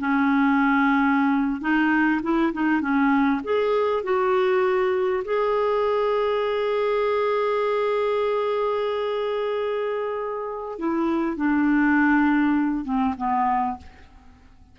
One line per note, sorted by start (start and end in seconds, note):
0.00 1.61 C#4
1.61 2.21 D#4
2.23 2.53 E4
2.53 2.81 D#4
2.81 3.41 C#4
3.44 4.04 G#4
4.04 5.24 F#4
5.25 10.79 G#4
10.79 11.37 E4
11.37 12.85 D4
12.85 13.15 C4
13.18 13.78 B3